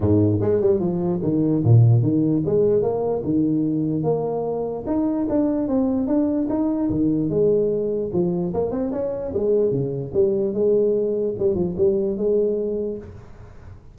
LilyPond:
\new Staff \with { instrumentName = "tuba" } { \time 4/4 \tempo 4 = 148 gis,4 gis8 g8 f4 dis4 | ais,4 dis4 gis4 ais4 | dis2 ais2 | dis'4 d'4 c'4 d'4 |
dis'4 dis4 gis2 | f4 ais8 c'8 cis'4 gis4 | cis4 g4 gis2 | g8 f8 g4 gis2 | }